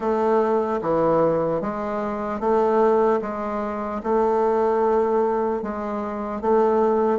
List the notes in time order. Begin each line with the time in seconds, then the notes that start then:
0.00 A3
0.81 E3
1.61 G#3
2.40 A3
3.21 G#3
4.03 A3
5.62 G#3
6.41 A3